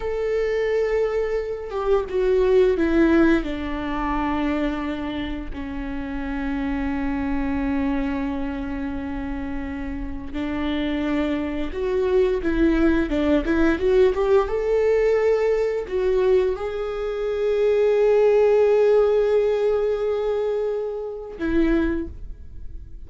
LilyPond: \new Staff \with { instrumentName = "viola" } { \time 4/4 \tempo 4 = 87 a'2~ a'8 g'8 fis'4 | e'4 d'2. | cis'1~ | cis'2. d'4~ |
d'4 fis'4 e'4 d'8 e'8 | fis'8 g'8 a'2 fis'4 | gis'1~ | gis'2. e'4 | }